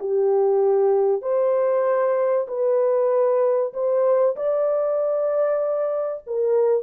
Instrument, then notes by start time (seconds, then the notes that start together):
horn
0.00 G4
1.22 C5
2.48 B4
3.74 C5
4.36 D5
6.27 A#4